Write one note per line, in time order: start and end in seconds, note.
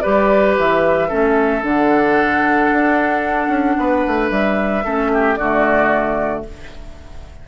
0.00 0.57 G3
0.00 1.08 G4
0.00 1.08 B4
0.00 0.54 D5
0.57 1.11 E3
0.57 1.64 E5
1.08 1.62 A3
1.08 1.62 C#4
1.08 3.76 A4
1.62 2.69 D3
1.62 4.83 D4
1.62 4.30 F#5
2.72 3.48 D4
3.48 3.75 C#4
3.78 4.04 B3
3.78 4.84 B4
4.07 4.30 A3
4.30 4.84 G3
4.30 5.35 E5
4.84 5.38 A3
4.84 5.37 C#4
4.84 5.11 A4
5.13 5.38 G4
5.35 6.45 D3
5.35 6.47 A3
5.35 6.45 F#4
5.35 6.42 D5